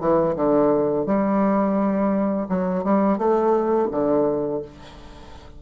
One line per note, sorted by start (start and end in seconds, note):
0.00 0.35 E3
0.36 1.06 D3
1.06 2.47 G3
2.49 2.84 F#3
2.84 3.18 G3
3.18 3.89 A3
3.91 4.62 D3